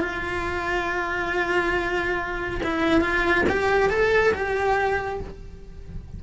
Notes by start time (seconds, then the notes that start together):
0.00 F4
2.63 E4
3.01 F4
3.49 G4
3.90 A4
4.34 G4